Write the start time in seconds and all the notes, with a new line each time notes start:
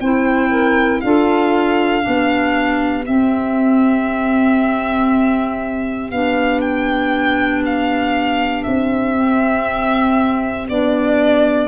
0.00 C4 E4 C5 G5
0.49 A#4
1.01 D4 F4 A4 F5
2.02 B3 D4 G4
3.06 C4 E5
6.11 B3 D4 F5
6.61 G5
7.65 F5
8.63 C4 E5
9.15 C4
10.69 B3 D4 D5